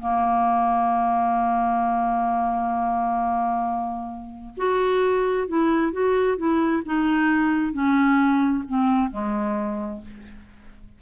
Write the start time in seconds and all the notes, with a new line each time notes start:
0.00 A#3
4.57 F#4
5.48 E4
5.93 F#4
6.38 E4
6.86 D#4
7.73 C#4
8.69 C4
9.11 G#3